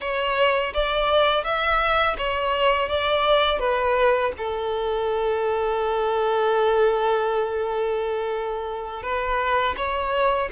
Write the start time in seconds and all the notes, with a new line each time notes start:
0.00 C#5
0.73 D5
1.44 E5
2.18 C#5
2.88 D5
3.59 B4
4.37 A4
9.02 B4
9.77 C#5